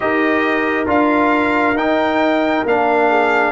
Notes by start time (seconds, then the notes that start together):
0.00 D#4 G4 A#4 D#5
0.86 D4 F4 F5
1.73 D#4 G5
2.65 A#3 D4 F5
3.09 G#4